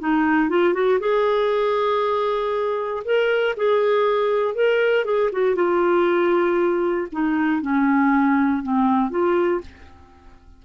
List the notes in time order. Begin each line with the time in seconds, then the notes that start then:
0.00 D#4
0.49 F4
0.74 F#4
1.00 G#4
3.05 A#4
3.57 G#4
4.55 A#4
5.05 G#4
5.33 F#4
5.55 F4
7.12 D#4
7.62 C#4
8.63 C4
9.10 F4